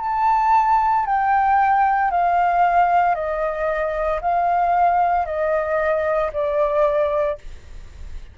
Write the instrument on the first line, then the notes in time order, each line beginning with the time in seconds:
flute
0.00 A5
1.05 G5
2.11 F5
3.15 D#5
4.21 F5
5.25 D#5
6.33 D5